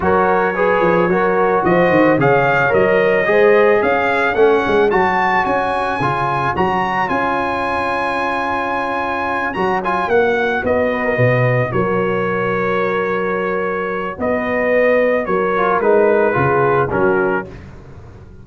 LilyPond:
<<
  \new Staff \with { instrumentName = "trumpet" } { \time 4/4 \tempo 4 = 110 cis''2. dis''4 | f''4 dis''2 f''4 | fis''4 a''4 gis''2 | ais''4 gis''2.~ |
gis''4. ais''8 gis''8 fis''4 dis''8~ | dis''4. cis''2~ cis''8~ | cis''2 dis''2 | cis''4 b'2 ais'4 | }
  \new Staff \with { instrumentName = "horn" } { \time 4/4 ais'4 b'4 ais'4 c''4 | cis''2 c''4 cis''4~ | cis''1~ | cis''1~ |
cis''1 | b'16 ais'16 b'4 ais'2~ ais'8~ | ais'2 b'2 | ais'2 gis'4 fis'4 | }
  \new Staff \with { instrumentName = "trombone" } { \time 4/4 fis'4 gis'4 fis'2 | gis'4 ais'4 gis'2 | cis'4 fis'2 f'4 | fis'4 f'2.~ |
f'4. fis'8 f'8 fis'4.~ | fis'1~ | fis'1~ | fis'8 f'8 dis'4 f'4 cis'4 | }
  \new Staff \with { instrumentName = "tuba" } { \time 4/4 fis4. f8 fis4 f8 dis8 | cis4 fis4 gis4 cis'4 | a8 gis8 fis4 cis'4 cis4 | fis4 cis'2.~ |
cis'4. fis4 ais4 b8~ | b8 b,4 fis2~ fis8~ | fis2 b2 | fis4 gis4 cis4 fis4 | }
>>